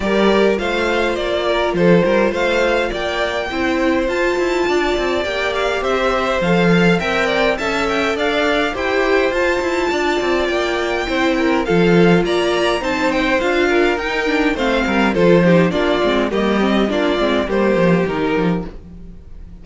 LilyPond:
<<
  \new Staff \with { instrumentName = "violin" } { \time 4/4 \tempo 4 = 103 d''4 f''4 d''4 c''4 | f''4 g''2 a''4~ | a''4 g''8 f''8 e''4 f''4 | g''4 a''8 g''8 f''4 g''4 |
a''2 g''2 | f''4 ais''4 a''8 g''8 f''4 | g''4 f''4 c''4 d''4 | dis''4 d''4 c''4 ais'4 | }
  \new Staff \with { instrumentName = "violin" } { \time 4/4 ais'4 c''4. ais'8 a'8 ais'8 | c''4 d''4 c''2 | d''2 c''4. f''8 | e''8 d''8 e''4 d''4 c''4~ |
c''4 d''2 c''8 ais'8 | a'4 d''4 c''4. ais'8~ | ais'4 c''8 ais'8 a'8 g'8 f'4 | g'4 f'4 g'2 | }
  \new Staff \with { instrumentName = "viola" } { \time 4/4 g'4 f'2.~ | f'2 e'4 f'4~ | f'4 g'2 a'4 | ais'4 a'2 g'4 |
f'2. e'4 | f'2 dis'4 f'4 | dis'8 d'8 c'4 f'8 dis'8 d'8 c'8 | ais8 c'8 d'8 c'8 ais4 dis'4 | }
  \new Staff \with { instrumentName = "cello" } { \time 4/4 g4 a4 ais4 f8 g8 | a4 ais4 c'4 f'8 e'8 | d'8 c'8 ais4 c'4 f4 | c'4 cis'4 d'4 e'4 |
f'8 e'8 d'8 c'8 ais4 c'4 | f4 ais4 c'4 d'4 | dis'4 a8 g8 f4 ais8 gis8 | g4 ais8 gis8 g8 f8 dis8 f8 | }
>>